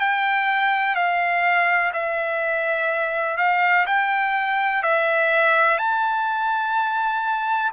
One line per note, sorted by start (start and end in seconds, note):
0.00 0.95 G5
0.95 1.92 F5
1.93 3.37 E5
3.37 3.86 F5
3.87 4.83 G5
4.83 5.78 E5
5.78 7.72 A5